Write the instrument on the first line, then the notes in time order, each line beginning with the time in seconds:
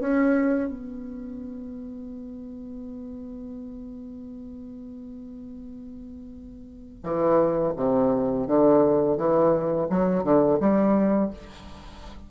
bassoon
0.00 C#4
0.69 B3
7.03 E3
7.76 C3
8.47 D3
9.17 E3
9.90 F#3
10.24 D3
10.60 G3